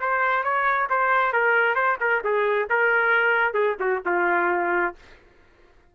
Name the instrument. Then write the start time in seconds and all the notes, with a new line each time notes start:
trumpet
0.00 C5
0.44 C#5
0.90 C5
1.33 A#4
1.75 C5
2.00 A#4
2.24 G#4
2.69 A#4
3.54 G#4
3.79 F#4
4.05 F4